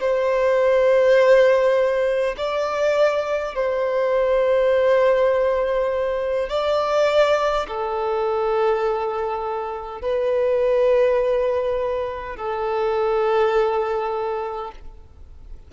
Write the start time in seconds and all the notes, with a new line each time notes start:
0.00 C5
2.37 D5
3.55 C5
6.49 D5
7.68 A4
10.02 B4
12.36 A4